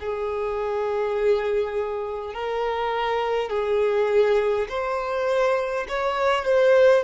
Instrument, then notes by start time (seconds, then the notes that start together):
violin
0.00 G#4
2.34 A#4
3.50 G#4
4.68 C5
5.88 C#5
6.45 C5